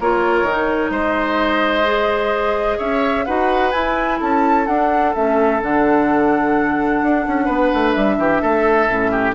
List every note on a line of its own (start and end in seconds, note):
0.00 0.42 A#3
0.00 0.49 F4
0.00 0.91 A#4
0.00 0.92 C#5
0.42 0.89 D#3
0.49 1.85 D#4
0.90 2.78 G#3
0.90 2.78 C5
0.90 2.79 D#5
1.85 3.25 G#4
2.78 3.27 C#4
2.78 3.25 C#5
2.78 3.25 E5
3.25 3.74 D#4
3.25 3.72 F#4
3.25 4.20 B4
3.25 3.71 F#5
3.71 4.66 E4
3.71 4.21 E4
3.71 4.18 G#5
4.20 4.68 C#4
4.20 7.45 A4
4.20 4.67 A5
4.67 5.15 D4
4.67 5.14 D4
4.67 5.13 F#5
5.14 5.62 A3
5.14 5.61 C#4
5.14 5.62 E5
5.61 7.02 D3
5.61 8.89 D4
5.61 7.91 F#5
7.02 7.26 D4
7.27 7.48 C#4
7.45 7.71 B3
7.45 8.15 B4
7.74 7.96 A3
7.91 8.17 G3
7.91 9.32 E5
8.17 8.41 E3
8.17 8.42 G4
8.42 8.89 A3
8.42 9.11 A4
8.89 9.35 A2
8.89 9.35 C#4
9.11 9.35 G4